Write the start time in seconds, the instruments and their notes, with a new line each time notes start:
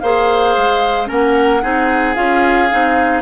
0.00 bassoon A#3, clarinet G#4, oboe C5, flute F5
0.57 bassoon G#3
1.06 bassoon A#3, clarinet C#4, oboe A#4, flute F#5
1.62 bassoon C4, clarinet D#4, oboe G#4
2.14 bassoon C#4, clarinet F4, flute F5
2.71 bassoon C4, clarinet D#4